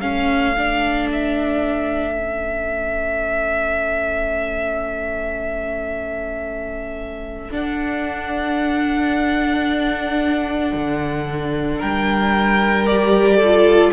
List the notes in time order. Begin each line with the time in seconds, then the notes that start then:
0.00 A3 C#4 A4 F5
0.57 D4
1.12 E5
2.13 C#4
7.50 D4 F#5
10.74 D3
11.78 G3 A#4 G5
12.86 G4 D5
13.36 A4
13.43 F4